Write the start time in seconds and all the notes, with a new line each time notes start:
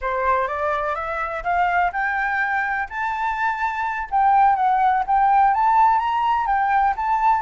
0.01 C5
0.47 D5
0.95 E5
1.43 F5
1.92 G5
2.89 A5
4.11 G5
4.55 F#5
5.06 G5
5.54 A5
5.98 A#5
6.46 G5
6.96 A5